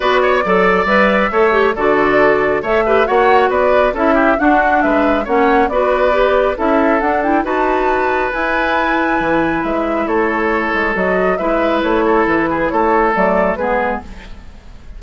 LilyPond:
<<
  \new Staff \with { instrumentName = "flute" } { \time 4/4 \tempo 4 = 137 d''2 e''2 | d''2 e''4 fis''4 | d''4 e''4 fis''4 e''4 | fis''4 d''2 e''4 |
fis''8 g''8 a''2 gis''4~ | gis''2 e''4 cis''4~ | cis''4 dis''4 e''4 cis''4 | b'4 cis''4 d''4 b'4 | }
  \new Staff \with { instrumentName = "oboe" } { \time 4/4 b'8 cis''8 d''2 cis''4 | a'2 cis''8 b'8 cis''4 | b'4 a'8 g'8 fis'4 b'4 | cis''4 b'2 a'4~ |
a'4 b'2.~ | b'2. a'4~ | a'2 b'4. a'8~ | a'8 gis'8 a'2 gis'4 | }
  \new Staff \with { instrumentName = "clarinet" } { \time 4/4 fis'4 a'4 b'4 a'8 g'8 | fis'2 a'8 g'8 fis'4~ | fis'4 e'4 d'2 | cis'4 fis'4 g'4 e'4 |
d'8 e'8 fis'2 e'4~ | e'1~ | e'4 fis'4 e'2~ | e'2 a4 b4 | }
  \new Staff \with { instrumentName = "bassoon" } { \time 4/4 b4 fis4 g4 a4 | d2 a4 ais4 | b4 cis'4 d'4 gis4 | ais4 b2 cis'4 |
d'4 dis'2 e'4~ | e'4 e4 gis4 a4~ | a8 gis8 fis4 gis4 a4 | e4 a4 fis4 gis4 | }
>>